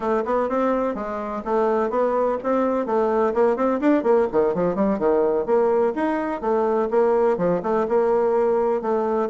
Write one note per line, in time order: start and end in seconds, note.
0.00 0.23 A3
0.25 0.49 B3
0.49 0.94 C4
0.94 1.42 G#3
1.44 1.90 A3
1.90 2.37 B3
2.43 2.86 C4
2.86 3.33 A3
3.34 3.56 A#3
3.56 3.80 C4
3.80 4.03 D4
4.03 4.27 A#3
4.32 4.54 D#3
4.54 4.75 F3
4.75 4.98 G3
4.98 5.46 D#3
5.46 5.93 A#3
5.95 6.41 D#4
6.41 6.89 A3
6.90 7.37 A#3
7.37 7.61 F3
7.63 7.86 A3
7.88 8.81 A#3
8.81 9.29 A3